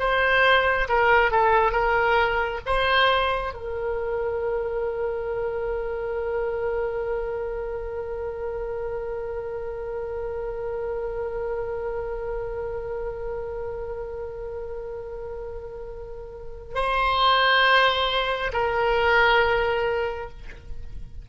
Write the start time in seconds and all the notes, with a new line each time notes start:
0.00 C5
0.89 A#4
1.31 A4
1.72 A#4
2.66 C5
3.54 A#4
16.75 C5
18.53 A#4